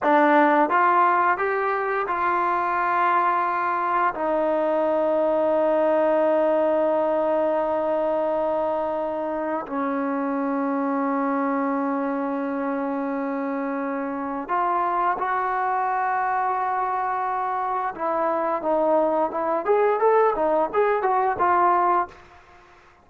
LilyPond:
\new Staff \with { instrumentName = "trombone" } { \time 4/4 \tempo 4 = 87 d'4 f'4 g'4 f'4~ | f'2 dis'2~ | dis'1~ | dis'2 cis'2~ |
cis'1~ | cis'4 f'4 fis'2~ | fis'2 e'4 dis'4 | e'8 gis'8 a'8 dis'8 gis'8 fis'8 f'4 | }